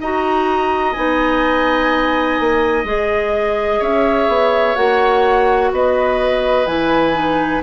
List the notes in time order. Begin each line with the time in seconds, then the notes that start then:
0.00 D#4 F#4 D#5 A#5
0.93 B3 D#4 G#5
2.40 A#3
2.84 G#3 G#4 D#5
3.79 C#4 C#5 E5
4.28 B3
4.75 A#3 F#4 F#5
5.72 B3 B4 D#5
6.66 E3 E4 G#5
7.14 D#4